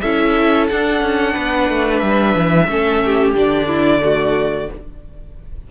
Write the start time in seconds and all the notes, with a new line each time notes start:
0.00 C#4 E4 A4 E5
0.68 D4 F#5
1.01 C#4
1.33 B3 B4
1.69 A3
1.98 G3 E5
2.35 E3
2.67 A3 C#4 A4
3.05 G4
3.35 D3 D4 D5
3.67 E4
4.01 A3 F#4